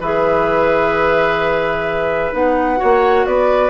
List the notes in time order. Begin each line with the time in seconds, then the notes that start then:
0.00 E3 G#4 B4 E5
2.33 B3 D#4 F#5
2.77 F#4 C#5
2.83 A#3
3.26 B3 B4 D5